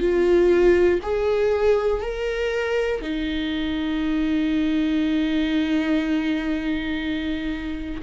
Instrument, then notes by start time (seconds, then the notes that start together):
viola
0.00 F4
1.03 G#4
2.02 A#4
3.01 D#4